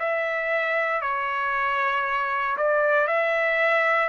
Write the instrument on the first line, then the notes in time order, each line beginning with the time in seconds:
trumpet
0.00 E5
1.02 C#5
2.57 D5
3.08 E5